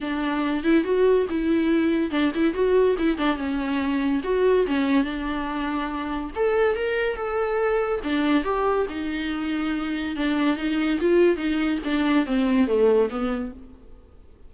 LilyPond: \new Staff \with { instrumentName = "viola" } { \time 4/4 \tempo 4 = 142 d'4. e'8 fis'4 e'4~ | e'4 d'8 e'8 fis'4 e'8 d'8 | cis'2 fis'4 cis'4 | d'2. a'4 |
ais'4 a'2 d'4 | g'4 dis'2. | d'4 dis'4 f'4 dis'4 | d'4 c'4 a4 b4 | }